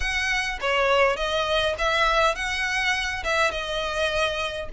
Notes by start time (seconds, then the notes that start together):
0.00 F#5
0.60 C#5
1.16 D#5
1.78 E5
2.35 F#5
3.24 E5
3.51 D#5